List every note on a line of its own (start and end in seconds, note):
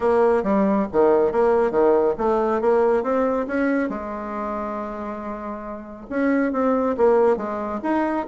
0.00 0.43 A#3
0.43 0.86 G3
0.92 1.32 D#3
1.32 1.71 A#3
1.71 2.14 D#3
2.18 2.61 A3
2.61 3.03 A#3
3.03 3.46 C4
3.47 3.89 C#4
3.89 6.06 G#3
6.09 6.52 C#4
6.52 6.95 C4
6.97 7.36 A#3
7.36 7.80 G#3
7.82 8.26 D#4